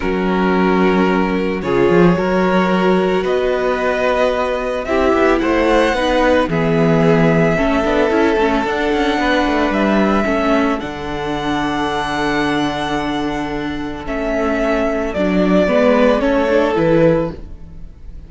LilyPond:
<<
  \new Staff \with { instrumentName = "violin" } { \time 4/4 \tempo 4 = 111 ais'2. cis''4~ | cis''2 dis''2~ | dis''4 e''4 fis''2 | e''1 |
fis''2 e''2 | fis''1~ | fis''2 e''2 | d''2 cis''4 b'4 | }
  \new Staff \with { instrumentName = "violin" } { \time 4/4 fis'2. gis'4 | ais'2 b'2~ | b'4 g'4 c''4 b'4 | gis'2 a'2~ |
a'4 b'2 a'4~ | a'1~ | a'1~ | a'4 b'4 a'2 | }
  \new Staff \with { instrumentName = "viola" } { \time 4/4 cis'2. f'4 | fis'1~ | fis'4 e'2 dis'4 | b2 cis'8 d'8 e'8 cis'8 |
d'2. cis'4 | d'1~ | d'2 cis'2 | d'4 b4 cis'8 d'8 e'4 | }
  \new Staff \with { instrumentName = "cello" } { \time 4/4 fis2. cis8 f8 | fis2 b2~ | b4 c'8 b8 a4 b4 | e2 a8 b8 cis'8 a8 |
d'8 cis'8 b8 a8 g4 a4 | d1~ | d2 a2 | fis4 gis4 a4 e4 | }
>>